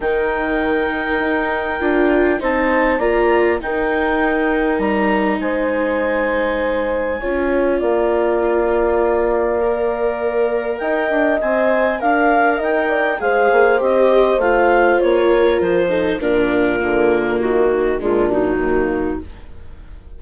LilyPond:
<<
  \new Staff \with { instrumentName = "clarinet" } { \time 4/4 \tempo 4 = 100 g''1 | a''4 ais''4 g''2 | ais''4 gis''2.~ | gis''4 f''2.~ |
f''2 g''4 gis''4 | f''4 g''4 f''4 dis''4 | f''4 cis''4 c''4 ais'4~ | ais'4 fis'4 f'8 dis'4. | }
  \new Staff \with { instrumentName = "horn" } { \time 4/4 ais'1 | c''4 d''4 ais'2~ | ais'4 c''2. | cis''4 d''2.~ |
d''2 dis''2 | f''4 dis''8 d''8 c''2~ | c''4. ais'4 a'8 f'4~ | f'4. dis'8 d'4 ais4 | }
  \new Staff \with { instrumentName = "viola" } { \time 4/4 dis'2. f'4 | dis'4 f'4 dis'2~ | dis'1 | f'1 |
ais'2. c''4 | ais'2 gis'4 g'4 | f'2~ f'8 dis'8 d'4 | ais2 gis8 fis4. | }
  \new Staff \with { instrumentName = "bassoon" } { \time 4/4 dis2 dis'4 d'4 | c'4 ais4 dis'2 | g4 gis2. | cis'4 ais2.~ |
ais2 dis'8 d'8 c'4 | d'4 dis'4 gis8 ais8 c'4 | a4 ais4 f4 ais,4 | d4 dis4 ais,4 dis,4 | }
>>